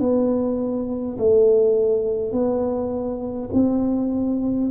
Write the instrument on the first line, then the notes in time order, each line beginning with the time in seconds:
tuba
0.00 B3
1.19 A3
2.32 B3
3.53 C4